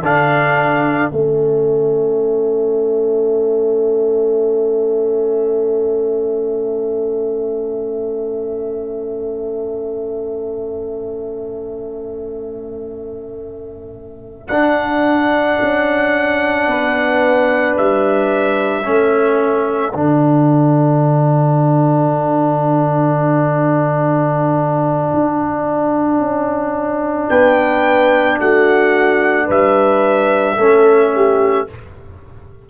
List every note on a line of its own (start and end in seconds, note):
0.00 1.11 D3
0.00 1.12 D4
0.00 16.64 A4
0.00 1.12 F5
1.12 14.49 A3
1.12 14.48 C#4
1.12 14.48 E5
14.48 15.58 D4
14.48 18.84 D4
14.48 17.75 F#5
15.62 16.67 C#4
16.67 17.76 B3
16.67 18.87 B4
17.77 18.87 G3
17.77 19.95 E5
18.84 19.95 A3
18.84 19.93 C#4
18.84 27.29 A4
19.94 25.13 D3
19.94 30.58 D4
19.94 27.30 F#5
25.14 26.20 D4
26.20 27.29 C#4
27.29 28.40 B3
27.29 28.38 B4
27.29 28.39 G5
28.40 29.49 A3
28.40 29.47 F#4
28.40 29.50 F#5
29.47 30.58 G3
29.47 30.56 B4
29.47 31.69 E5
30.57 31.67 A3
30.57 31.68 C#4
30.57 31.12 A4
31.15 31.70 G4